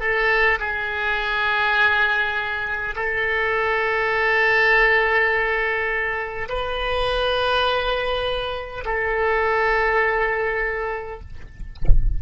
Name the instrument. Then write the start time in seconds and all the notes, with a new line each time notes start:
oboe
0.00 A4
0.60 G#4
2.96 A4
6.49 B4
8.86 A4